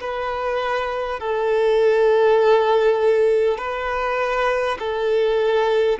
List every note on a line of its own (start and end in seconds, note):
0.00 1.20 B4
1.20 3.58 A4
3.58 4.78 B4
4.79 5.99 A4